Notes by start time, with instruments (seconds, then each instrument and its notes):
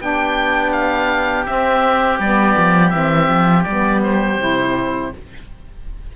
0.00 cello B3, saxophone D4, oboe G4 G5
0.72 oboe F5
1.45 saxophone C4, cello C4, oboe E5
2.19 cello G3, saxophone B3, oboe D5
2.58 cello F3
2.90 cello E3, saxophone C4, oboe E5
3.28 cello F3
3.64 cello G3, saxophone B3, oboe D5
4.03 oboe C5
4.38 cello C3, saxophone E4